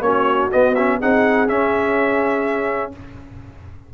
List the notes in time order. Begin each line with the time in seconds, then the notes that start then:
0.00 A#3 C#4 F#4 C#5
0.51 B3 D#5
0.74 C#4 E5
0.99 C4 D#4 G#4 F#5
1.48 C#4 E5